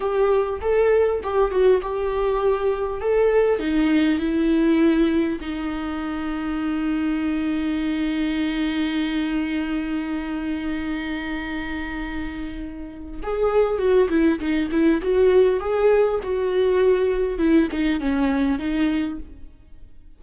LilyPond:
\new Staff \with { instrumentName = "viola" } { \time 4/4 \tempo 4 = 100 g'4 a'4 g'8 fis'8 g'4~ | g'4 a'4 dis'4 e'4~ | e'4 dis'2.~ | dis'1~ |
dis'1~ | dis'2 gis'4 fis'8 e'8 | dis'8 e'8 fis'4 gis'4 fis'4~ | fis'4 e'8 dis'8 cis'4 dis'4 | }